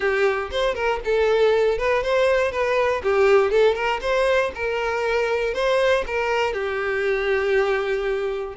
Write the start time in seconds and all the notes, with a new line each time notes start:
0.00 G4
0.50 C5
0.74 A#4
1.04 A4
1.78 B4
2.03 C5
2.51 B4
3.03 G4
3.50 A4
3.74 A#4
4.01 C5
4.54 A#4
5.54 C5
6.06 A#4
6.53 G4